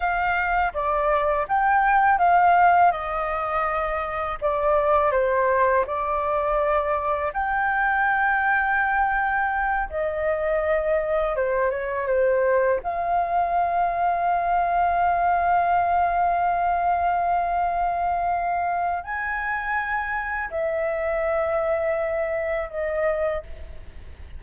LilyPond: \new Staff \with { instrumentName = "flute" } { \time 4/4 \tempo 4 = 82 f''4 d''4 g''4 f''4 | dis''2 d''4 c''4 | d''2 g''2~ | g''4. dis''2 c''8 |
cis''8 c''4 f''2~ f''8~ | f''1~ | f''2 gis''2 | e''2. dis''4 | }